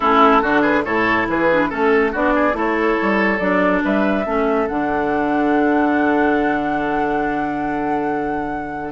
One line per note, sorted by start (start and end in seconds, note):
0.00 0.42 A3
0.00 0.42 C#4
0.00 0.41 E4
0.00 0.62 A4
0.41 0.85 D3
0.41 0.85 D4
0.41 0.61 F#4
0.61 0.83 G#4
0.61 0.83 B4
0.84 1.28 A2
0.84 1.48 E4
0.84 1.27 A4
0.84 1.27 C#5
1.28 1.71 E3
1.28 1.69 G#4
1.28 1.70 B4
1.51 1.70 D4
1.69 2.14 A3
1.69 2.12 C#4
1.69 2.12 A4
2.12 2.53 B3
2.12 2.52 D4
2.12 2.33 F#4
2.12 2.57 D5
2.34 2.56 G#4
2.52 2.95 A3
2.52 3.37 E4
2.52 3.84 A4
2.59 3.38 C#5
3.02 3.39 G3
3.38 3.82 F#3
3.38 4.25 D4
3.38 3.81 D5
3.84 4.26 G3
3.84 4.26 B4
3.84 4.67 E5
4.25 4.68 A3
4.25 4.68 C#4
4.25 8.91 A4
4.67 8.91 D3
4.67 8.91 D4
4.67 8.91 F#5